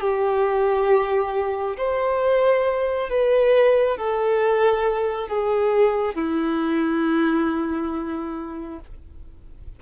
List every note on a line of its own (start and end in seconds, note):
0.00 1.76 G4
1.77 3.09 C5
3.09 3.97 B4
3.97 5.28 A4
5.28 6.14 G#4
6.14 8.79 E4